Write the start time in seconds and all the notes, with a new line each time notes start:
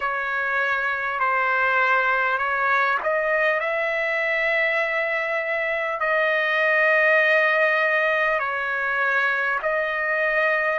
0.00 C#5
1.19 C5
2.38 C#5
3.03 D#5
3.59 E5
5.99 D#5
8.39 C#5
9.62 D#5